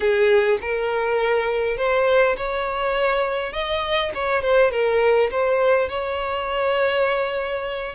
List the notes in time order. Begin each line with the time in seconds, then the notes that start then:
0.00 G#4
0.61 A#4
1.77 C5
2.36 C#5
3.52 D#5
4.14 C#5
4.41 C5
4.71 A#4
5.30 C5
5.89 C#5